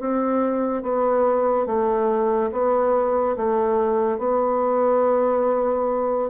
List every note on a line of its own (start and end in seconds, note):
0.00 0.83 C4
0.83 1.66 B3
1.66 2.51 A3
2.52 3.36 B3
3.37 4.19 A3
4.19 6.30 B3